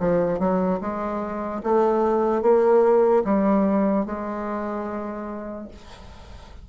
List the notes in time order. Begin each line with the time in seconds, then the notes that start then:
0.00 F3
0.39 F#3
0.81 G#3
1.63 A3
2.43 A#3
3.25 G3
4.06 G#3